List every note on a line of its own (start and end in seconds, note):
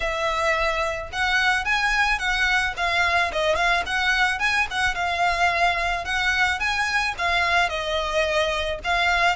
0.00 1.10 E5
1.12 1.64 F#5
1.64 2.19 G#5
2.19 2.74 F#5
2.76 3.31 F5
3.32 3.55 D#5
3.55 3.83 F5
3.85 4.39 F#5
4.39 4.66 G#5
4.70 4.94 F#5
4.94 6.04 F5
6.04 6.59 F#5
6.59 7.14 G#5
7.18 7.69 F5
7.69 8.79 D#5
8.83 9.36 F5